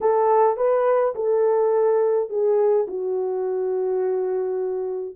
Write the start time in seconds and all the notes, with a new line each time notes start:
0.01 A4
0.57 B4
1.15 A4
2.29 G#4
2.87 F#4